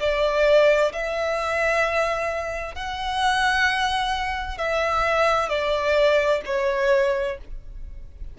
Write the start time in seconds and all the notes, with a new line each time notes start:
0.00 D5
0.93 E5
2.75 F#5
4.58 E5
5.49 D5
6.45 C#5